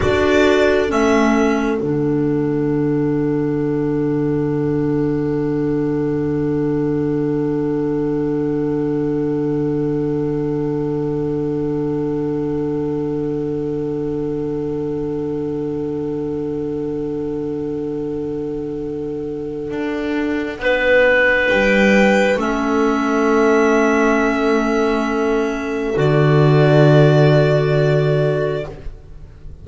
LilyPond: <<
  \new Staff \with { instrumentName = "violin" } { \time 4/4 \tempo 4 = 67 d''4 e''4 fis''2~ | fis''1~ | fis''1~ | fis''1~ |
fis''1~ | fis''1 | g''4 e''2.~ | e''4 d''2. | }
  \new Staff \with { instrumentName = "clarinet" } { \time 4/4 a'1~ | a'1~ | a'1~ | a'1~ |
a'1~ | a'2. b'4~ | b'4 a'2.~ | a'1 | }
  \new Staff \with { instrumentName = "clarinet" } { \time 4/4 fis'4 cis'4 d'2~ | d'1~ | d'1~ | d'1~ |
d'1~ | d'1~ | d'4 cis'2.~ | cis'4 fis'2. | }
  \new Staff \with { instrumentName = "double bass" } { \time 4/4 d'4 a4 d2~ | d1~ | d1~ | d1~ |
d1~ | d2 d'4 b4 | g4 a2.~ | a4 d2. | }
>>